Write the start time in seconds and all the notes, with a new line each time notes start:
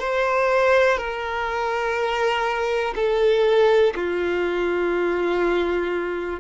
0.00 C5
0.97 A#4
2.96 A4
3.95 F4